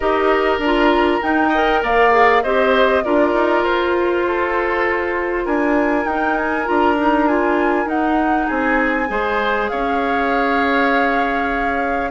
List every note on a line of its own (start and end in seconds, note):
0.00 0.58 D#4
0.00 0.61 G4
0.00 1.48 A#4
0.00 0.59 D#5
0.58 1.19 D4
0.65 1.22 F4
0.65 1.22 A#5
1.22 1.52 D#4
1.22 1.83 D#4
1.22 1.83 G5
1.48 2.11 A#4
1.48 1.79 D#5
1.83 2.43 A#3
1.83 2.43 D5
1.83 2.43 F5
2.11 2.41 G#4
2.43 3.04 C4
2.43 3.03 G4
2.43 3.03 C5
2.43 3.03 D#5
3.03 3.33 D4
3.03 6.06 F4
3.03 4.26 A#4
3.03 3.64 D5
3.33 3.63 D#4
3.63 5.44 F4
3.63 5.45 C5
4.27 5.44 A4
5.44 6.05 D4
5.44 8.46 A#4
5.44 6.06 G#5
6.05 6.65 D#4
6.05 6.36 G5
6.36 6.67 G#5
6.65 7.85 D4
6.65 6.95 F4
6.65 7.27 A#5
6.97 7.28 D#4
7.27 7.85 F4
7.27 7.88 G#5
7.85 9.07 D#4
7.85 8.46 D#4
7.85 8.49 F#5
8.46 9.09 C4
8.46 9.07 G#4
8.46 9.68 G#5
9.07 9.70 G#3
9.07 12.10 G#4
9.07 9.70 C5
9.68 12.10 C#4
9.68 12.10 C#5
9.68 12.10 F5